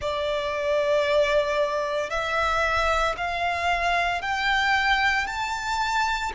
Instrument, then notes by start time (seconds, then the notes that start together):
violin
0.01 D5
2.10 E5
3.17 F5
4.21 G5
5.26 A5